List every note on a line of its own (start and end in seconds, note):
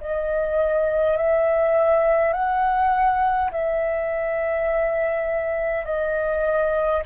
0.00 1.17 D#5
1.17 2.33 E5
2.33 3.50 F#5
3.51 5.84 E5
5.84 7.02 D#5